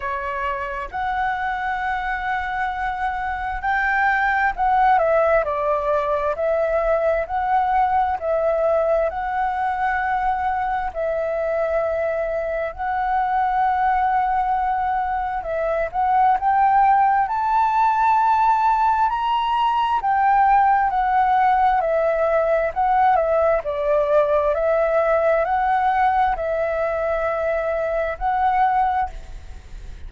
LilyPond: \new Staff \with { instrumentName = "flute" } { \time 4/4 \tempo 4 = 66 cis''4 fis''2. | g''4 fis''8 e''8 d''4 e''4 | fis''4 e''4 fis''2 | e''2 fis''2~ |
fis''4 e''8 fis''8 g''4 a''4~ | a''4 ais''4 g''4 fis''4 | e''4 fis''8 e''8 d''4 e''4 | fis''4 e''2 fis''4 | }